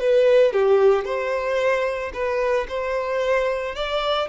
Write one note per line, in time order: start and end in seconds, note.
0.00 0.53 B4
0.53 1.05 G4
1.05 2.12 C5
2.14 2.67 B4
2.68 3.75 C5
3.75 4.29 D5